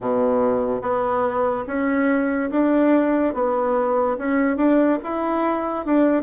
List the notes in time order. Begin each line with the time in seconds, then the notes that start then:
0.00 B2
0.81 B3
1.67 C#4
2.50 D4
3.33 B3
4.18 C#4
4.56 D4
5.03 E4
5.85 D4